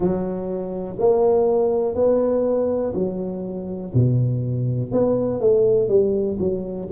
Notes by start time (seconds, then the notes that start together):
0.00 F#3
0.98 A#3
1.94 B3
2.94 F#3
3.93 B2
4.91 B3
5.40 A3
5.88 G3
6.39 F#3